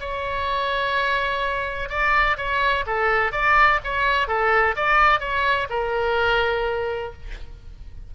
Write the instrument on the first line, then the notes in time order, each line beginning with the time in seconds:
oboe
0.00 C#5
1.89 D5
2.37 C#5
2.86 A4
3.32 D5
3.84 C#5
4.27 A4
4.76 D5
5.20 C#5
5.70 A#4